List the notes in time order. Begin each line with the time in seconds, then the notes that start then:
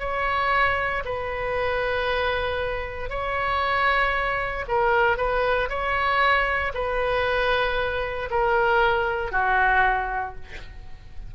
0.00 C#5
1.05 B4
3.10 C#5
4.68 A#4
5.17 B4
5.69 C#5
6.74 B4
8.30 A#4
9.32 F#4